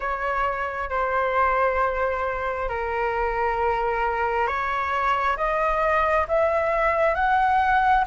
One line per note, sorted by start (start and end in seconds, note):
0.00 0.89 C#5
0.89 2.68 C5
2.68 4.47 A#4
4.47 5.36 C#5
5.36 6.26 D#5
6.28 7.14 E5
7.14 8.04 F#5